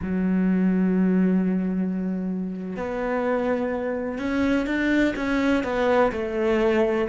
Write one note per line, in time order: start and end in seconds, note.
0.02 2.76 F#3
2.76 4.18 B3
4.18 4.66 C#4
4.66 5.14 D4
5.16 5.63 C#4
5.63 6.11 B3
6.12 7.08 A3